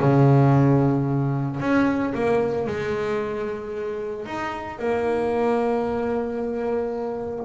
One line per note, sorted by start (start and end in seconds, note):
0.00 1.60 C#3
1.60 2.14 C#4
2.14 2.67 A#3
2.67 4.26 G#3
4.26 4.79 D#4
4.79 7.45 A#3